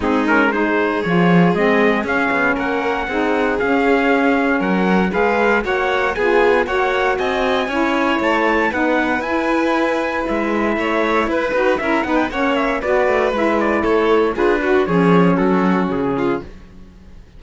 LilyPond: <<
  \new Staff \with { instrumentName = "trumpet" } { \time 4/4 \tempo 4 = 117 gis'8 ais'8 c''4 cis''4 dis''4 | f''4 fis''2 f''4~ | f''4 fis''4 f''4 fis''4 | gis''4 fis''4 gis''2 |
a''4 fis''4 gis''2 | e''2 b'4 e''8 fis''16 g''16 | fis''8 e''8 d''4 e''8 d''8 cis''4 | b'4 cis''4 a'4 gis'4 | }
  \new Staff \with { instrumentName = "violin" } { \time 4/4 dis'4 gis'2.~ | gis'4 ais'4 gis'2~ | gis'4 ais'4 b'4 cis''4 | gis'4 cis''4 dis''4 cis''4~ |
cis''4 b'2.~ | b'4 cis''4 b'4 ais'8 b'8 | cis''4 b'2 a'4 | gis'8 fis'8 gis'4 fis'4. f'8 | }
  \new Staff \with { instrumentName = "saxophone" } { \time 4/4 c'8 cis'8 dis'4 f'4 c'4 | cis'2 dis'4 cis'4~ | cis'2 gis'4 fis'4 | f'4 fis'2 e'4~ |
e'4 dis'4 e'2~ | e'2~ e'8 fis'8 e'8 dis'8 | cis'4 fis'4 e'2 | f'8 fis'8 cis'2. | }
  \new Staff \with { instrumentName = "cello" } { \time 4/4 gis2 f4 gis4 | cis'8 b8 ais4 c'4 cis'4~ | cis'4 fis4 gis4 ais4 | b4 ais4 c'4 cis'4 |
a4 b4 e'2 | gis4 a4 e'8 dis'8 cis'8 b8 | ais4 b8 a8 gis4 a4 | d'4 f4 fis4 cis4 | }
>>